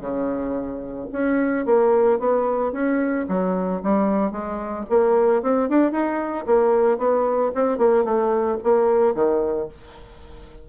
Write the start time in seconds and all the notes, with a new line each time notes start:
0.00 C#3
1.12 C#4
1.66 A#3
2.19 B3
2.72 C#4
3.28 F#3
3.83 G3
4.31 G#3
4.89 A#3
5.42 C4
5.69 D4
5.91 D#4
6.46 A#3
6.98 B3
7.54 C4
7.78 A#3
8.04 A3
8.63 A#3
9.14 D#3